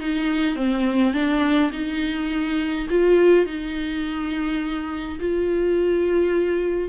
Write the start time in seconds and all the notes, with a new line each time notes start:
0.00 D#4
0.56 C4
1.13 D4
1.72 D#4
2.90 F4
3.46 D#4
5.19 F4